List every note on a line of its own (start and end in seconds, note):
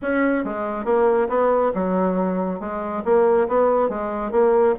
0.01 0.44 C#4
0.44 0.84 G#3
0.84 1.28 A#3
1.29 1.72 B3
1.74 2.60 F#3
2.60 3.03 G#3
3.04 3.47 A#3
3.48 3.89 B3
3.89 4.31 G#3
4.31 4.75 A#3